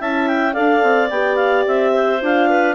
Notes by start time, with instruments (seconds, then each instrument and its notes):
0.00 bassoon C#4, horn E4, clarinet E5 A5
0.27 clarinet G5
0.53 bassoon D4, horn A4, clarinet D5 F5
0.83 bassoon C4
1.10 bassoon B3, horn G4, clarinet G5
1.36 clarinet F5
1.67 bassoon C4, clarinet E5
1.93 clarinet C5
2.21 bassoon D4, horn F4, clarinet F5
2.50 clarinet B4